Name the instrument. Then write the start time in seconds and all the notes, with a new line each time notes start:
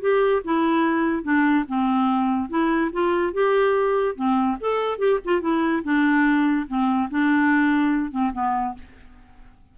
clarinet
0.00 G4
0.44 E4
1.23 D4
1.68 C4
2.49 E4
2.92 F4
3.33 G4
4.15 C4
4.60 A4
4.98 G4
5.24 F4
5.41 E4
5.83 D4
6.67 C4
7.10 D4
8.11 C4
8.32 B3